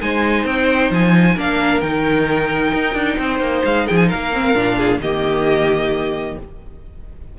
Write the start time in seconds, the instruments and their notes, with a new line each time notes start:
0.00 cello G#3, viola D#4, violin C5 G#5
0.45 cello C4, violin G5
0.91 cello F3, violin G#5
1.35 cello A#3, viola D4, violin A#4 F5
1.81 cello D#3, viola D#4, violin G5
2.74 cello D#4
2.94 cello D4
3.19 cello C4, violin C5
3.40 cello A#3
3.65 cello G#3, violin F5
3.86 cello F3, violin G#4 G5
3.97 violin G#5
4.08 cello A#3, violin A#4 F5
4.33 viola C4
4.55 cello A#2, viola D4
4.77 violin G#4
5.00 cello D#3, viola A#3, violin G4 D#5